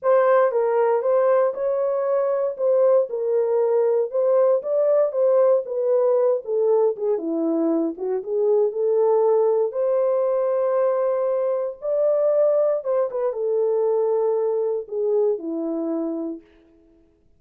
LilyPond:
\new Staff \with { instrumentName = "horn" } { \time 4/4 \tempo 4 = 117 c''4 ais'4 c''4 cis''4~ | cis''4 c''4 ais'2 | c''4 d''4 c''4 b'4~ | b'8 a'4 gis'8 e'4. fis'8 |
gis'4 a'2 c''4~ | c''2. d''4~ | d''4 c''8 b'8 a'2~ | a'4 gis'4 e'2 | }